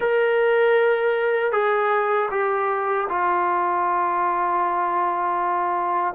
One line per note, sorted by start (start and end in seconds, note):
0.00 1.51 A#4
1.52 2.29 G#4
2.30 3.07 G4
3.08 6.14 F4